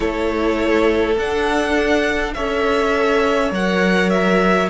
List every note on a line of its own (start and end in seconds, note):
0.00 1.16 A3
0.00 1.17 E4
0.00 2.34 A4
0.00 1.17 C#5
1.16 2.34 D4
1.16 2.35 D4
1.16 2.33 F#5
2.33 3.51 C#4
2.33 3.52 A4
2.33 4.69 C#5
2.33 3.51 E5
3.51 4.69 F#3
3.51 4.69 A#4
3.51 4.09 F#5
4.09 4.68 E5